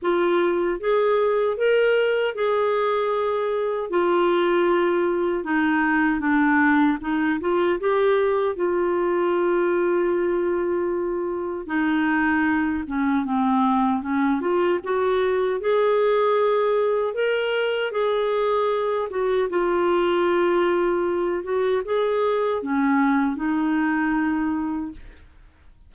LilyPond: \new Staff \with { instrumentName = "clarinet" } { \time 4/4 \tempo 4 = 77 f'4 gis'4 ais'4 gis'4~ | gis'4 f'2 dis'4 | d'4 dis'8 f'8 g'4 f'4~ | f'2. dis'4~ |
dis'8 cis'8 c'4 cis'8 f'8 fis'4 | gis'2 ais'4 gis'4~ | gis'8 fis'8 f'2~ f'8 fis'8 | gis'4 cis'4 dis'2 | }